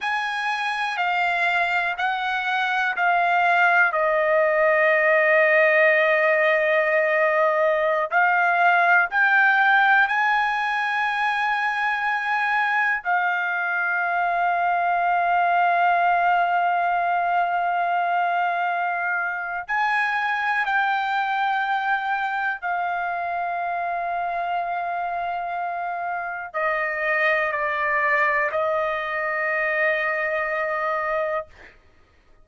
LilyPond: \new Staff \with { instrumentName = "trumpet" } { \time 4/4 \tempo 4 = 61 gis''4 f''4 fis''4 f''4 | dis''1~ | dis''16 f''4 g''4 gis''4.~ gis''16~ | gis''4~ gis''16 f''2~ f''8.~ |
f''1 | gis''4 g''2 f''4~ | f''2. dis''4 | d''4 dis''2. | }